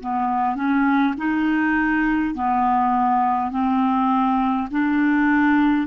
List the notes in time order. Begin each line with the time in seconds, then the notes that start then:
0.00 B3
0.55 C#4
1.17 D#4
2.34 B3
3.51 C4
4.71 D4